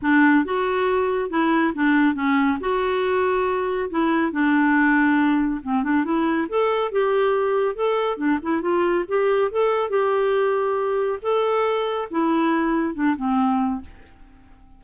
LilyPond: \new Staff \with { instrumentName = "clarinet" } { \time 4/4 \tempo 4 = 139 d'4 fis'2 e'4 | d'4 cis'4 fis'2~ | fis'4 e'4 d'2~ | d'4 c'8 d'8 e'4 a'4 |
g'2 a'4 d'8 e'8 | f'4 g'4 a'4 g'4~ | g'2 a'2 | e'2 d'8 c'4. | }